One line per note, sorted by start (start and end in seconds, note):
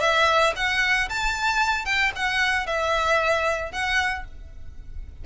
0.00 0.53 E5
0.56 1.09 F#5
1.09 1.85 A5
1.85 2.11 G5
2.15 2.66 F#5
2.66 3.72 E5
3.72 4.25 F#5